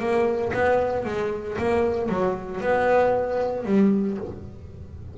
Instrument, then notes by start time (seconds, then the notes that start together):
double bass
0.00 A#3
0.54 B3
1.06 G#3
1.59 A#3
2.09 F#3
2.61 B3
3.66 G3